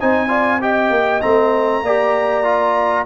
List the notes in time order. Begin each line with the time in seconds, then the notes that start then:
0.00 C4 D#4 C5 G#5
0.28 F4 D5
0.61 G4 D#5 G5
0.90 A#3
1.21 A3 C4 A#5
1.82 A#3 G4 D5
2.44 F4